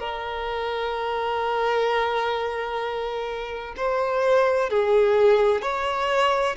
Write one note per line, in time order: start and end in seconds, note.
0.00 3.75 A#4
3.77 4.70 C5
4.70 5.62 G#4
5.62 6.56 C#5